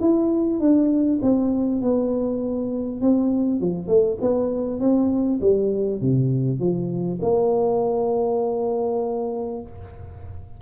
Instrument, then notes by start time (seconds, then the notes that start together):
tuba
0.00 E4
0.59 D4
1.21 C4
1.81 B3
3.01 C4
3.60 F3
3.87 A3
4.20 B3
4.80 C4
5.40 G3
6.00 C3
6.59 F3
7.21 A#3